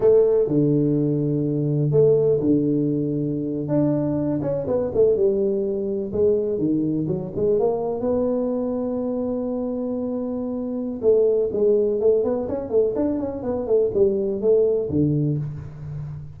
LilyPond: \new Staff \with { instrumentName = "tuba" } { \time 4/4 \tempo 4 = 125 a4 d2. | a4 d2~ d8. d'16~ | d'4~ d'16 cis'8 b8 a8 g4~ g16~ | g8. gis4 dis4 fis8 gis8 ais16~ |
ais8. b2.~ b16~ | b2. a4 | gis4 a8 b8 cis'8 a8 d'8 cis'8 | b8 a8 g4 a4 d4 | }